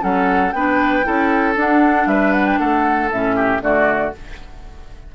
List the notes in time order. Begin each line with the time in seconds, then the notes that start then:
0.00 F#3 C#4 A4 F#5
0.52 B3 D4 B4 G5
1.03 C#4 E4 A4
1.56 D4 F#5
2.06 G3 B4 E5
2.33 F#5
2.46 G5
2.58 A3 A4 F#5
3.11 A2 C#4 E5
3.35 G4
3.61 D3 A3 F#4 D5